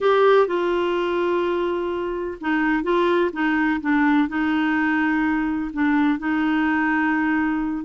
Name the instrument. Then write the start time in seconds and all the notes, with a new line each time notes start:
clarinet
0.01 G4
0.47 F4
2.40 D#4
2.83 F4
3.32 D#4
3.81 D4
4.28 D#4
5.73 D4
6.18 D#4